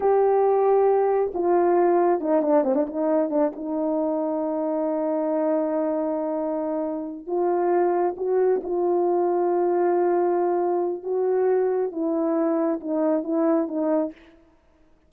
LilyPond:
\new Staff \with { instrumentName = "horn" } { \time 4/4 \tempo 4 = 136 g'2. f'4~ | f'4 dis'8 d'8 c'16 d'16 dis'4 d'8 | dis'1~ | dis'1~ |
dis'8 f'2 fis'4 f'8~ | f'1~ | f'4 fis'2 e'4~ | e'4 dis'4 e'4 dis'4 | }